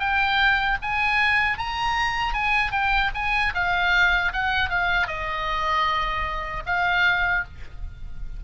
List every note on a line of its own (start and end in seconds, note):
0.00 0.78 G5
0.82 1.58 G#5
1.58 2.34 A#5
2.34 2.72 G#5
2.72 3.11 G5
3.15 3.54 G#5
3.55 4.33 F5
4.33 4.70 F#5
4.70 5.08 F5
5.08 6.64 D#5
6.67 7.45 F5